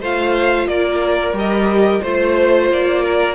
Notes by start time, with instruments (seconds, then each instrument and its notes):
0.00 cello A3, viola F4, violin C5 F5
0.66 cello A#3, violin A#4 D5
1.32 cello G3, viola G4, violin D#5
2.02 cello A3, viola F4, violin C5
2.71 cello A#3, violin D5
3.02 violin A#4